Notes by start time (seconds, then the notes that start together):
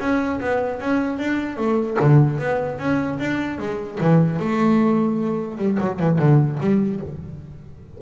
0.00 C#4
0.40 B3
0.80 C#4
1.19 D4
1.57 A3
2.00 D3
2.39 B3
2.79 C#4
3.19 D4
3.59 G#3
4.01 E3
4.40 A3
5.58 G3
5.81 F#3
6.00 E3
6.19 D3
6.61 G3